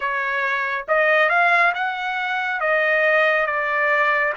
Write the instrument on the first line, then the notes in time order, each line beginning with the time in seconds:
trumpet
0.00 C#5
0.87 D#5
1.29 F5
1.74 F#5
2.60 D#5
3.46 D5